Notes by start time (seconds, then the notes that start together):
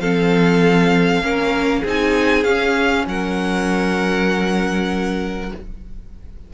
0.00 F3 C4 A4 F5
1.22 A#3 C#4 A#4
1.82 C4 D#4 G#4 G#5
2.44 C#4 F5
3.07 F#3 A#4 F#5